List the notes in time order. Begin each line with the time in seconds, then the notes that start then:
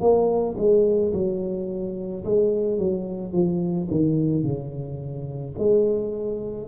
0.00 A#3
0.57 G#3
1.13 F#3
2.25 G#3
2.78 F#3
3.33 F3
3.91 D#3
4.43 C#3
5.59 G#3